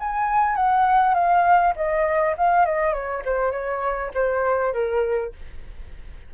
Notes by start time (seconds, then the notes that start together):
0.00 G#5
0.56 F#5
1.14 F5
1.76 D#5
2.37 F5
2.66 D#5
2.93 C#5
3.25 C5
3.52 C#5
4.14 C5
4.73 A#4